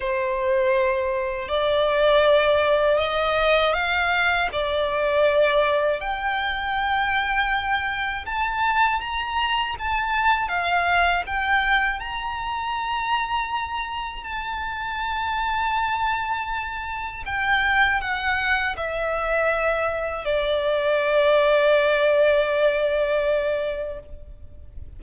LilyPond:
\new Staff \with { instrumentName = "violin" } { \time 4/4 \tempo 4 = 80 c''2 d''2 | dis''4 f''4 d''2 | g''2. a''4 | ais''4 a''4 f''4 g''4 |
ais''2. a''4~ | a''2. g''4 | fis''4 e''2 d''4~ | d''1 | }